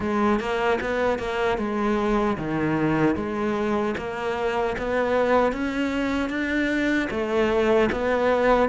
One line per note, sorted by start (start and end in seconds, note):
0.00 0.39 G#3
0.39 0.79 A#3
0.80 1.18 B3
1.18 1.58 A#3
1.58 2.37 G#3
2.37 3.15 D#3
3.15 3.94 G#3
3.97 4.76 A#3
4.78 5.52 B3
5.52 6.29 C#4
6.29 7.08 D4
7.10 7.89 A3
7.92 8.69 B3